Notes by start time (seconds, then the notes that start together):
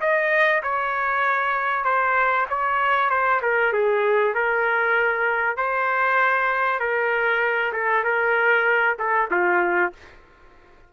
0.00 D#5
0.63 C#5
1.84 C5
2.49 C#5
3.10 C5
3.42 A#4
3.73 G#4
4.34 A#4
5.57 C5
6.79 A#4
7.73 A4
8.04 A#4
8.99 A4
9.31 F4